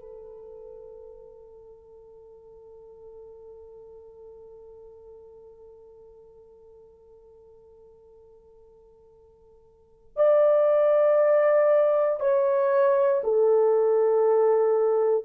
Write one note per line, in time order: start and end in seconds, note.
0.00 10.17 A4
10.17 12.20 D5
12.20 13.22 C#5
13.24 15.25 A4